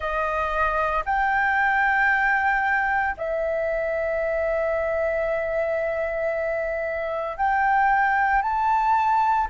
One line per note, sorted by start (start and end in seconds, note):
0.00 1.03 D#5
1.05 3.15 G5
3.17 7.37 E5
7.37 8.42 G5
8.42 9.47 A5